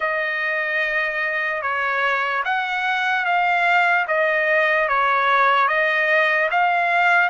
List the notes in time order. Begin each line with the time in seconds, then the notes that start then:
0.00 D#5
1.62 C#5
2.44 F#5
3.25 F5
4.07 D#5
4.88 C#5
5.68 D#5
6.50 F5